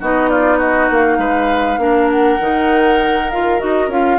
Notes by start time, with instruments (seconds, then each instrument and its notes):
0.00 bassoon B3, clarinet D#4, oboe F#4, flute D#5
0.29 oboe F4, flute D5
0.57 oboe F#4, flute D#5
0.90 bassoon A#3, flute F5
1.18 bassoon G#3, oboe B4
1.77 bassoon A#3, clarinet D4, oboe A#4
2.10 flute F#5
2.40 bassoon D#3, clarinet D#4
3.30 clarinet F4, flute F5
3.59 bassoon D#4, clarinet F#4, flute D#5
3.87 bassoon C#4, clarinet F4, flute F5